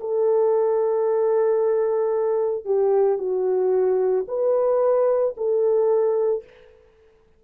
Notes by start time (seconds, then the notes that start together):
0.00 A4
2.65 G4
3.18 F#4
4.28 B4
5.37 A4